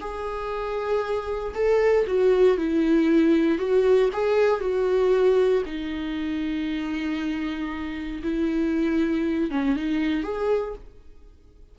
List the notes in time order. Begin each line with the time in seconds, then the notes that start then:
0.00 G#4
1.54 A4
2.07 F#4
2.57 E4
3.58 F#4
4.12 G#4
4.60 F#4
5.65 D#4
8.23 E4
9.51 C#4
9.76 D#4
10.23 G#4